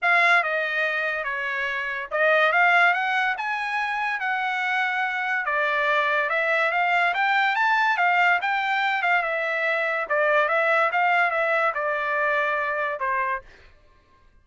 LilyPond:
\new Staff \with { instrumentName = "trumpet" } { \time 4/4 \tempo 4 = 143 f''4 dis''2 cis''4~ | cis''4 dis''4 f''4 fis''4 | gis''2 fis''2~ | fis''4 d''2 e''4 |
f''4 g''4 a''4 f''4 | g''4. f''8 e''2 | d''4 e''4 f''4 e''4 | d''2. c''4 | }